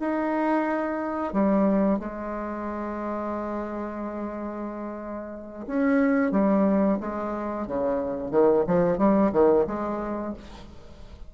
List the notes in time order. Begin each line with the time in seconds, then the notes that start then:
0.00 D#4
1.33 G3
1.99 G#3
5.67 C#4
6.32 G3
7.01 G#3
7.67 C#3
8.31 D#3
8.68 F3
8.98 G3
9.32 D#3
9.67 G#3